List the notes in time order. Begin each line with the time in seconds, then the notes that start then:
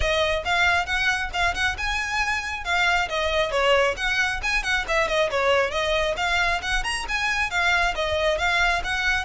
0.00 D#5
0.44 F5
0.85 F#5
1.33 F5
1.54 F#5
1.77 G#5
2.64 F5
3.08 D#5
3.51 C#5
3.96 F#5
4.42 G#5
4.63 F#5
4.87 E5
5.08 D#5
5.30 C#5
5.70 D#5
6.16 F5
6.62 F#5
6.83 A#5
7.08 G#5
7.50 F5
7.95 D#5
8.37 F5
8.84 F#5